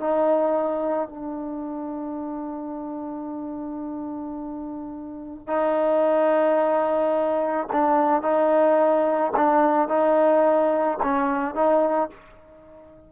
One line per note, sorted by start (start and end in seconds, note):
0.00 1.09 D#4
1.09 5.48 D4
5.48 7.68 D#4
7.73 8.22 D4
8.22 9.32 D#4
9.37 9.89 D4
9.89 10.99 D#4
11.03 11.55 C#4
11.55 12.10 D#4